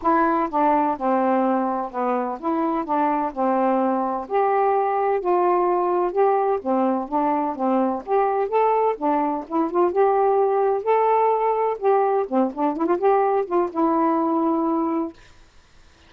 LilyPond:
\new Staff \with { instrumentName = "saxophone" } { \time 4/4 \tempo 4 = 127 e'4 d'4 c'2 | b4 e'4 d'4 c'4~ | c'4 g'2 f'4~ | f'4 g'4 c'4 d'4 |
c'4 g'4 a'4 d'4 | e'8 f'8 g'2 a'4~ | a'4 g'4 c'8 d'8 e'16 f'16 g'8~ | g'8 f'8 e'2. | }